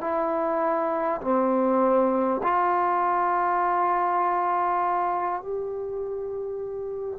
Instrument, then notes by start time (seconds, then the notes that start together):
trombone
0.00 E4
1.21 C4
2.43 F4
5.42 G4